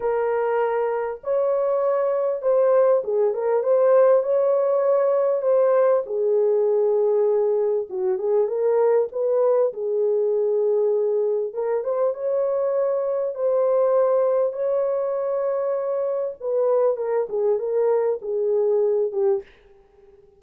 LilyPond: \new Staff \with { instrumentName = "horn" } { \time 4/4 \tempo 4 = 99 ais'2 cis''2 | c''4 gis'8 ais'8 c''4 cis''4~ | cis''4 c''4 gis'2~ | gis'4 fis'8 gis'8 ais'4 b'4 |
gis'2. ais'8 c''8 | cis''2 c''2 | cis''2. b'4 | ais'8 gis'8 ais'4 gis'4. g'8 | }